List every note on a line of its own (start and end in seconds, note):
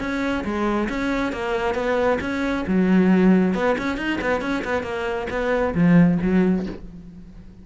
0.00 0.44 C#4
0.45 0.89 G#3
0.89 1.33 C#4
1.33 1.74 A#3
1.74 2.18 B3
2.21 2.65 C#4
2.67 3.55 F#3
3.55 3.77 B3
3.78 3.97 C#4
3.97 4.19 D#4
4.21 4.41 B3
4.41 4.63 C#4
4.64 4.83 B3
4.83 5.27 A#3
5.30 5.74 B3
5.75 6.19 F3
6.22 6.66 F#3